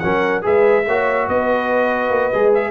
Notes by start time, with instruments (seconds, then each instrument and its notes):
0.00 tuba F#3, trombone C#4, horn A#4, trumpet F#5
0.42 tuba G#3, trombone G#4, horn B4, trumpet E5
0.87 tuba A#3, trombone F#4, horn C#5
1.29 tuba B3, horn B4, trumpet D#5
2.10 tuba A#3
2.34 tuba G#3, trombone G#4
2.55 trumpet E5